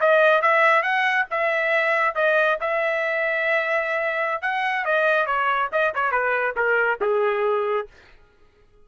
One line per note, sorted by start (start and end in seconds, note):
0.00 0.42 D#5
0.42 0.82 E5
0.82 1.26 F#5
1.30 2.15 E5
2.15 2.58 D#5
2.61 4.41 E5
4.41 4.84 F#5
4.84 5.26 D#5
5.26 5.69 C#5
5.72 5.93 D#5
5.95 6.11 C#5
6.11 6.54 B4
6.56 6.99 A#4
7.01 7.87 G#4